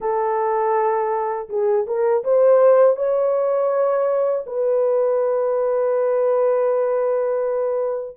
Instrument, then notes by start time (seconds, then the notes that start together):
horn
0.00 A4
1.48 G#4
1.86 A#4
2.24 C5
2.96 C#5
4.46 B4